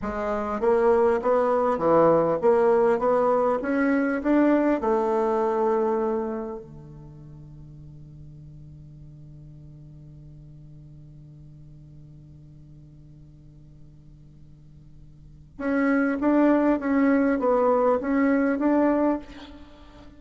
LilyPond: \new Staff \with { instrumentName = "bassoon" } { \time 4/4 \tempo 4 = 100 gis4 ais4 b4 e4 | ais4 b4 cis'4 d'4 | a2. d4~ | d1~ |
d1~ | d1~ | d2 cis'4 d'4 | cis'4 b4 cis'4 d'4 | }